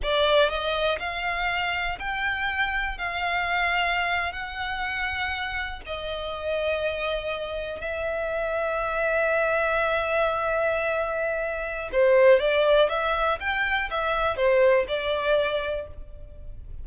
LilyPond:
\new Staff \with { instrumentName = "violin" } { \time 4/4 \tempo 4 = 121 d''4 dis''4 f''2 | g''2 f''2~ | f''8. fis''2. dis''16~ | dis''2.~ dis''8. e''16~ |
e''1~ | e''1 | c''4 d''4 e''4 g''4 | e''4 c''4 d''2 | }